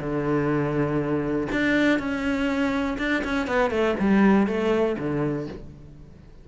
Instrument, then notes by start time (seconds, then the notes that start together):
cello
0.00 D3
1.52 D4
1.99 C#4
2.99 D4
3.24 C#4
3.47 B3
3.71 A3
4.00 G3
4.47 A3
4.99 D3